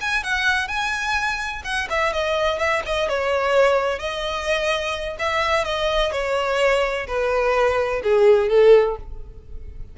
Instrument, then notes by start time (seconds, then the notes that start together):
violin
0.00 G#5
0.23 F#5
0.67 G#5
1.64 F#5
1.89 E5
2.13 D#5
2.58 E5
2.85 D#5
3.08 C#5
3.99 D#5
5.19 E5
5.64 D#5
6.12 C#5
7.07 B4
8.03 G#4
8.49 A4